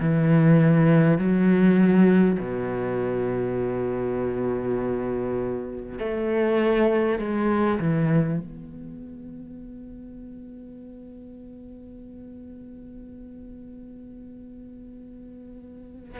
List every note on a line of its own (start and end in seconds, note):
0.00 1.18 E3
1.18 2.38 F#3
2.39 5.99 B2
5.99 7.19 A3
7.19 7.79 G#3
7.79 8.39 E3
8.39 16.19 B3